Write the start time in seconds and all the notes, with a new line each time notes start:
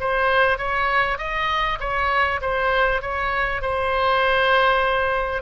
0.00 C5
0.58 C#5
1.18 D#5
1.80 C#5
2.41 C5
3.02 C#5
3.61 C5